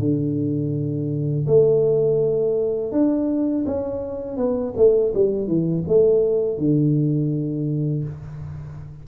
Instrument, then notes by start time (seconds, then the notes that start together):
tuba
0.00 D3
1.47 A3
2.92 D4
3.66 C#4
4.37 B3
4.77 A3
5.15 G3
5.48 E3
5.88 A3
6.58 D3